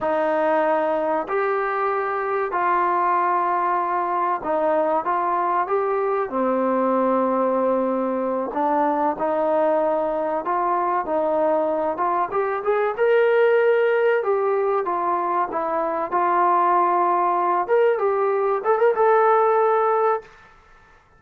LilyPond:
\new Staff \with { instrumentName = "trombone" } { \time 4/4 \tempo 4 = 95 dis'2 g'2 | f'2. dis'4 | f'4 g'4 c'2~ | c'4. d'4 dis'4.~ |
dis'8 f'4 dis'4. f'8 g'8 | gis'8 ais'2 g'4 f'8~ | f'8 e'4 f'2~ f'8 | ais'8 g'4 a'16 ais'16 a'2 | }